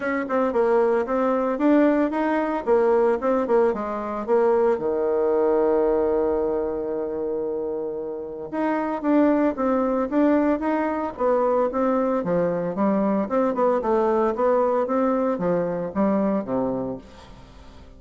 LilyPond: \new Staff \with { instrumentName = "bassoon" } { \time 4/4 \tempo 4 = 113 cis'8 c'8 ais4 c'4 d'4 | dis'4 ais4 c'8 ais8 gis4 | ais4 dis2.~ | dis1 |
dis'4 d'4 c'4 d'4 | dis'4 b4 c'4 f4 | g4 c'8 b8 a4 b4 | c'4 f4 g4 c4 | }